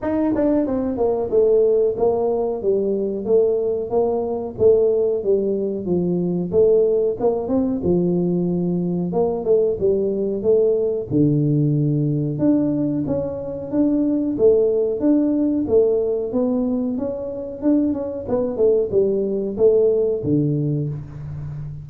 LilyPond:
\new Staff \with { instrumentName = "tuba" } { \time 4/4 \tempo 4 = 92 dis'8 d'8 c'8 ais8 a4 ais4 | g4 a4 ais4 a4 | g4 f4 a4 ais8 c'8 | f2 ais8 a8 g4 |
a4 d2 d'4 | cis'4 d'4 a4 d'4 | a4 b4 cis'4 d'8 cis'8 | b8 a8 g4 a4 d4 | }